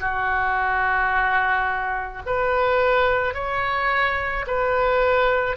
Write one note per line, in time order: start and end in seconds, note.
0.00 2.22 F#4
2.26 3.34 B4
3.34 4.45 C#5
4.47 5.57 B4